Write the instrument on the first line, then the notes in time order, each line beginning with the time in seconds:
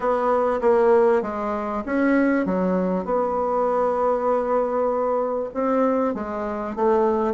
bassoon
0.00 B3
0.61 A#3
1.22 G#3
1.85 C#4
2.45 F#3
3.04 B3
5.54 C4
6.14 G#3
6.75 A3